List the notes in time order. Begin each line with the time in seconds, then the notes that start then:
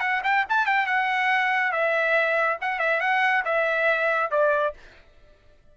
0.00 F#5
0.24 G5
0.49 A5
0.66 G5
0.86 F#5
1.72 E5
2.61 F#5
2.79 E5
3.00 F#5
3.45 E5
4.31 D5